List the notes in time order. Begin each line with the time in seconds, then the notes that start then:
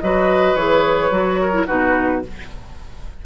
0.00 F#3 F#4 B4 D#5
0.55 E3 G#4 C#5
1.11 F#3 F#4
1.41 A#4
1.53 E4
1.67 B2 D#4 F#4 B4